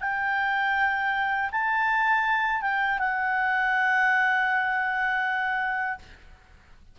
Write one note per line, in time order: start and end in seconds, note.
0.00 1.50 G5
1.51 2.61 A5
2.61 2.99 G5
2.99 5.99 F#5